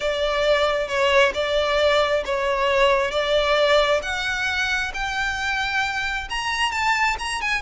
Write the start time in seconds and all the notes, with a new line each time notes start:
0.00 D5
0.87 C#5
1.34 D5
2.25 C#5
3.11 D5
4.02 F#5
4.94 G5
6.29 A#5
6.71 A5
7.18 A#5
7.41 G#5